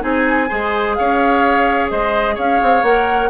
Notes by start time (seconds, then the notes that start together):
0.00 C4 D#4 G#4 G#5
0.49 G#3 G#4 C5
0.95 C#4 C#5 F5
1.90 G#3 C5 D#5
2.35 C#4 C#5 F5
2.62 C4
2.83 A#3 A#4 F#5